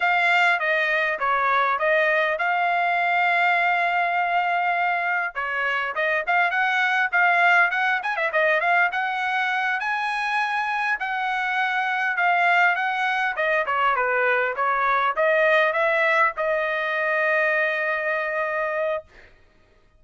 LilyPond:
\new Staff \with { instrumentName = "trumpet" } { \time 4/4 \tempo 4 = 101 f''4 dis''4 cis''4 dis''4 | f''1~ | f''4 cis''4 dis''8 f''8 fis''4 | f''4 fis''8 gis''16 e''16 dis''8 f''8 fis''4~ |
fis''8 gis''2 fis''4.~ | fis''8 f''4 fis''4 dis''8 cis''8 b'8~ | b'8 cis''4 dis''4 e''4 dis''8~ | dis''1 | }